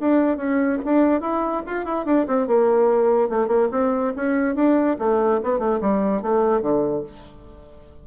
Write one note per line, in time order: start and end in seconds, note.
0.00 0.37 D4
0.37 0.79 C#4
0.85 1.21 D4
1.21 1.63 E4
1.66 1.85 F4
1.85 2.05 E4
2.05 2.26 D4
2.27 2.47 C4
2.47 3.29 A#3
3.29 3.48 A3
3.48 3.69 A#3
3.72 4.13 C4
4.16 4.55 C#4
4.55 4.97 D4
4.99 5.41 A3
5.43 5.59 B3
5.59 5.80 A3
5.81 6.22 G3
6.22 6.61 A3
6.61 7.03 D3